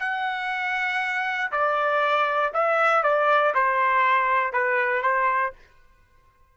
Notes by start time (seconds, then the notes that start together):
0.00 F#5
1.51 D5
2.54 E5
3.03 D5
3.55 C5
4.53 B4
5.03 C5